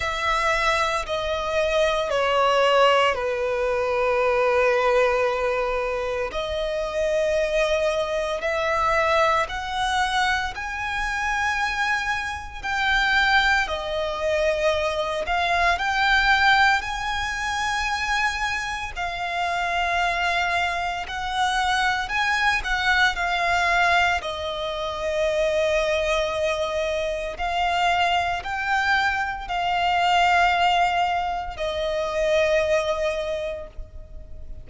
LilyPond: \new Staff \with { instrumentName = "violin" } { \time 4/4 \tempo 4 = 57 e''4 dis''4 cis''4 b'4~ | b'2 dis''2 | e''4 fis''4 gis''2 | g''4 dis''4. f''8 g''4 |
gis''2 f''2 | fis''4 gis''8 fis''8 f''4 dis''4~ | dis''2 f''4 g''4 | f''2 dis''2 | }